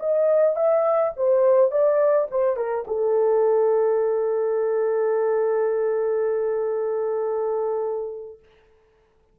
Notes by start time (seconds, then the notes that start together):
0.00 D#5
0.56 E5
1.17 C5
1.71 D5
2.31 C5
2.57 A#4
2.87 A4